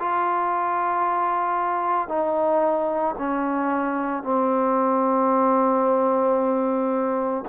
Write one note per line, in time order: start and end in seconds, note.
0.00 2.09 F4
2.09 3.16 D#4
3.19 4.24 C#4
4.24 7.45 C4